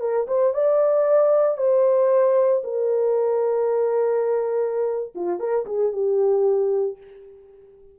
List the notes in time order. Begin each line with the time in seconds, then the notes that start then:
0.00 A#4
0.27 C5
0.53 D5
1.57 C5
2.64 A#4
5.15 F4
5.39 A#4
5.66 G#4
5.92 G4